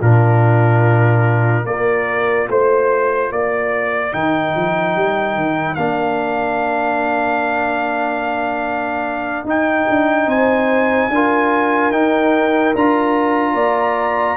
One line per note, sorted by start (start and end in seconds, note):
0.00 1.65 A#2
0.00 1.66 D4
0.00 1.64 F4
0.00 1.66 A#4
1.65 2.48 A#3
1.65 4.13 F4
1.65 2.49 A#4
1.65 2.49 D5
2.49 3.31 A3
2.49 3.31 C5
2.49 3.33 C5
3.31 4.13 A#3
3.31 10.29 A#4
3.31 4.14 D5
4.13 4.55 D#3
4.13 5.77 D#4
4.13 5.75 G5
4.56 4.96 F3
4.96 5.37 G3
5.37 5.77 D#3
5.75 9.45 A#3
5.75 9.47 D4
5.75 9.45 F5
9.45 9.86 D#4
9.45 11.11 D#4
9.45 10.30 G5
9.90 10.27 D4
10.27 11.09 C4
10.27 11.11 C5
10.27 11.92 G#5
11.10 11.92 D4
11.10 11.93 F4
11.10 13.55 A#4
11.92 12.74 D#4
11.92 12.75 D#4
11.92 12.74 G5
12.75 13.55 D4
12.75 14.38 F4
12.75 14.38 A#5
13.55 14.37 A#3
13.55 14.37 D5